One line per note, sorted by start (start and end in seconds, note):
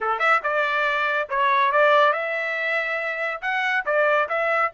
0.00 0.19 A4
0.19 0.40 E5
0.43 1.28 D5
1.29 1.72 C#5
1.72 2.12 D5
2.12 3.41 E5
3.41 3.84 F#5
3.85 4.28 D5
4.29 4.71 E5